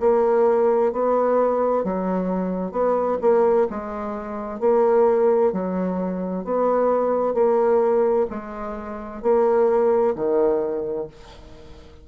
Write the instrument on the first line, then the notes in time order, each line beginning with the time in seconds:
bassoon
0.00 A#3
0.92 B3
1.84 F#3
2.71 B3
3.21 A#3
3.70 G#3
4.60 A#3
5.52 F#3
6.44 B3
7.34 A#3
8.30 G#3
9.22 A#3
10.15 D#3